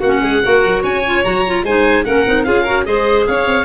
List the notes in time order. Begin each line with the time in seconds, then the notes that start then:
0.00 A#3 C#4 F#4 F#5
0.22 G#3 G#4
0.42 A#3 F#4 A#4
0.65 F#3
0.82 C#4 C#5 G#5
1.05 F4
1.24 F#3 F#4 A#5
1.46 F4
1.63 G#3 D#4 C5 G#5
2.04 A#3 C#4 A#4 F#5
2.26 C4 D#4
2.44 C#4 F4 G#4 F5
2.63 F#4 A#4
2.85 G#3 G#4 C5 D#5
3.26 C#4 C#5 F5
3.46 C4